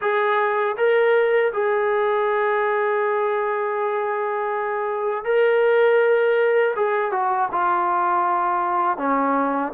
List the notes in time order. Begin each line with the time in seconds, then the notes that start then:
0.01 G#4
0.77 A#4
1.52 G#4
5.24 A#4
6.75 G#4
7.11 F#4
7.51 F4
8.97 C#4